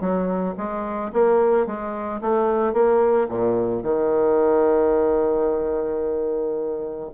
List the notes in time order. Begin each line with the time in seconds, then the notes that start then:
0.00 F#3
0.57 G#3
1.13 A#3
1.66 G#3
2.21 A3
2.73 A#3
3.29 A#2
3.82 D#3